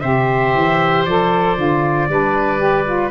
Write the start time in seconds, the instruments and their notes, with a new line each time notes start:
0.00 tuba C3, saxophone G4, oboe C5, trumpet E5
0.54 tuba E3
1.05 tuba F3, saxophone A4, trumpet D5
1.56 tuba D3, saxophone F4
2.09 tuba G3, saxophone D4, oboe B4
2.58 saxophone G4
2.84 saxophone F4